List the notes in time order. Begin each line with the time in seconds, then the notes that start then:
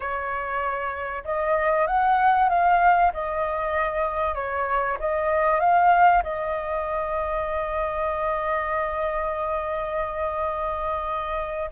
0.00 C#5
1.24 D#5
1.86 F#5
2.49 F5
3.13 D#5
4.34 C#5
4.99 D#5
5.60 F5
6.23 D#5